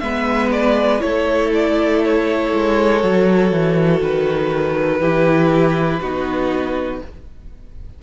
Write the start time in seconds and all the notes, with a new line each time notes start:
0.00 G#3 B3 B4 E5
0.52 D5
1.00 A3 E4 A4 C#5
1.54 D5
2.04 C#5
2.54 G#3
3.01 F#3 F#4
3.52 E3
4.01 D#3 B4
5.00 E3 E4 G4
6.01 B3 D#4 F#4